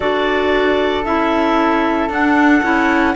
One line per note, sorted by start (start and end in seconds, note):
0.00 1.05 D4
0.00 1.04 F#4
0.00 3.13 A4
0.00 1.04 D5
1.04 2.09 C#4
1.04 2.10 E4
1.04 2.09 E5
2.09 2.61 D4
2.09 2.62 D4
2.09 3.15 F#5
2.62 3.14 C#4
2.62 3.15 E4